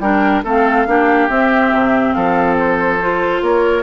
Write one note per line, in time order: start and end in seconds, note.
0.00 0.43 G3
0.00 0.45 D4
0.00 0.44 A#4
0.00 0.43 G5
0.44 0.87 A3
0.44 0.87 C4
0.44 0.87 A4
0.44 1.30 F5
0.87 1.29 A#3
0.87 1.30 D4
0.87 2.16 G4
1.30 1.72 C4
1.30 3.00 C4
1.30 2.14 E5
1.73 2.16 C3
2.14 3.42 F3
2.14 3.42 A4
2.14 2.56 F5
2.60 3.45 C5
3.01 3.83 F4
3.42 3.83 A#3
3.42 3.83 A#4
3.42 3.83 C#5